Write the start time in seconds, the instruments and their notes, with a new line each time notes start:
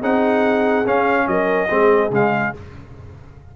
0.00 tuba C4, trombone D#4, horn G#4, trumpet F#5
0.86 trombone C#4, tuba C#4, trumpet F5
1.27 tuba F#3, horn A#4, trumpet D#5
1.69 tuba G#3, trombone C4, horn G#4
2.11 tuba C#3, trombone G#3, trumpet F5